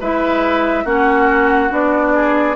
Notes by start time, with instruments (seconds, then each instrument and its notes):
0.00 bassoon G#3, clarinet E4, oboe B4, flute E5
0.84 bassoon A#3, clarinet C#4, oboe F#4, flute F#5
1.69 bassoon B3, clarinet D4, flute D5
2.14 oboe G#4